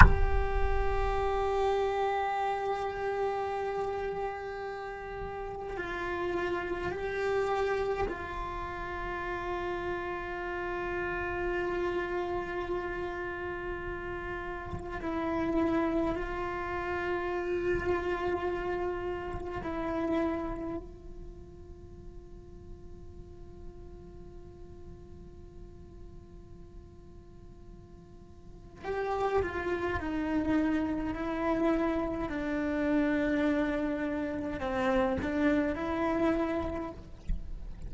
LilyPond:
\new Staff \with { instrumentName = "cello" } { \time 4/4 \tempo 4 = 52 g'1~ | g'4 f'4 g'4 f'4~ | f'1~ | f'4 e'4 f'2~ |
f'4 e'4 f'2~ | f'1~ | f'4 g'8 f'8 dis'4 e'4 | d'2 c'8 d'8 e'4 | }